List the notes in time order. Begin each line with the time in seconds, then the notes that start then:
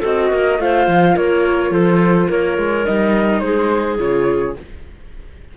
0.00 C4 F#4 A4 D#5
0.30 A#3 A#4
0.58 A3 F4 C5 F5
0.87 F3
1.15 A#3 A#4 C#5
1.71 F3 A4 C5
2.28 A#3 A#4 C#5
2.58 G#3
2.85 G3 D#4 D#5
3.40 G#3 G#4 C5
3.98 C#3 F4 C#5